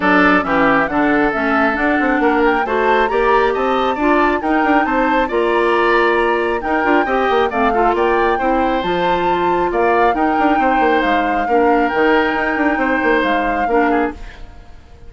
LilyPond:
<<
  \new Staff \with { instrumentName = "flute" } { \time 4/4 \tempo 4 = 136 d''4 e''4 fis''4 e''4 | fis''4. g''8 a''4 ais''4 | a''2 g''4 a''4 | ais''2. g''4~ |
g''4 f''4 g''2 | a''2 f''4 g''4~ | g''4 f''2 g''4~ | g''2 f''2 | }
  \new Staff \with { instrumentName = "oboe" } { \time 4/4 a'4 g'4 a'2~ | a'4 ais'4 c''4 d''4 | dis''4 d''4 ais'4 c''4 | d''2. ais'4 |
dis''4 d''8 a'8 d''4 c''4~ | c''2 d''4 ais'4 | c''2 ais'2~ | ais'4 c''2 ais'8 gis'8 | }
  \new Staff \with { instrumentName = "clarinet" } { \time 4/4 d'4 cis'4 d'4 cis'4 | d'2 fis'4 g'4~ | g'4 f'4 dis'2 | f'2. dis'8 f'8 |
g'4 c'8 f'4. e'4 | f'2. dis'4~ | dis'2 d'4 dis'4~ | dis'2. d'4 | }
  \new Staff \with { instrumentName = "bassoon" } { \time 4/4 fis4 e4 d4 a4 | d'8 c'8 ais4 a4 ais4 | c'4 d'4 dis'8 d'8 c'4 | ais2. dis'8 d'8 |
c'8 ais8 a4 ais4 c'4 | f2 ais4 dis'8 d'8 | c'8 ais8 gis4 ais4 dis4 | dis'8 d'8 c'8 ais8 gis4 ais4 | }
>>